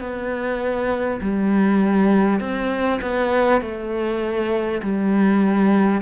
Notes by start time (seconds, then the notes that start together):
0.00 B3
1.21 G3
2.41 C4
3.02 B3
3.61 A3
4.83 G3